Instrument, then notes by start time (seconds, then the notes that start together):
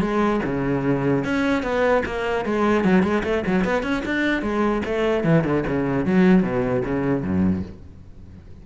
cello
0.00 G#3
0.45 C#3
1.24 C#4
1.63 B3
2.05 A#3
2.45 G#3
2.84 F#3
3.02 G#3
3.23 A3
3.46 F#3
3.64 B3
3.82 C#4
4.05 D4
4.42 G#3
4.85 A3
5.23 E3
5.44 D3
5.67 C#3
6.05 F#3
6.42 B2
6.84 C#3
7.23 F#2